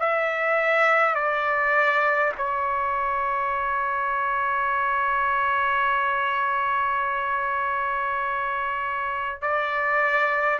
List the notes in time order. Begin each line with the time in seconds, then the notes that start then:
0.00 E5
1.15 D5
2.38 C#5
9.42 D5